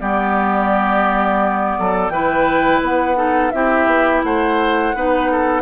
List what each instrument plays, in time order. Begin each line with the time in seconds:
0.00 bassoon G3, clarinet B3, oboe G4, flute D5
1.79 bassoon F#3, oboe A4
2.09 bassoon E3, clarinet E4, oboe B4, flute G5
2.81 bassoon B3, flute F#5
3.15 clarinet D#4, oboe A4
3.51 bassoon C4, clarinet E4, oboe G4, flute E5
3.86 bassoon B3
4.23 bassoon A3, oboe C5, flute F#5
4.95 bassoon B3, clarinet D#4, oboe B4
5.31 oboe A4